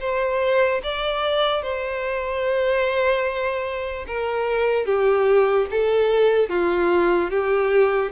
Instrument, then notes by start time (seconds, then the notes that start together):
violin
0.00 C5
0.83 D5
1.63 C5
4.07 A#4
4.85 G4
5.71 A4
6.49 F4
7.30 G4